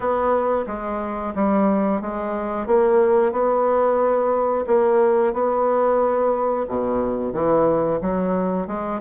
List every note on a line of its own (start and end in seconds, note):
0.00 0.65 B3
0.67 1.33 G#3
1.34 2.01 G3
2.01 2.66 G#3
2.66 3.32 A#3
3.32 4.65 B3
4.66 5.33 A#3
5.33 6.66 B3
6.68 7.32 B2
7.32 7.99 E3
8.01 8.67 F#3
8.67 9.00 G#3